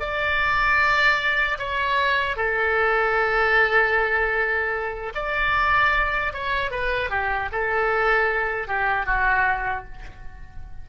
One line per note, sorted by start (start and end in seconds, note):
0.00 1.58 D5
1.58 2.37 C#5
2.37 5.13 A4
5.15 6.33 D5
6.33 6.71 C#5
6.71 7.10 B4
7.10 7.50 G4
7.52 8.68 A4
8.68 9.06 G4
9.06 9.85 F#4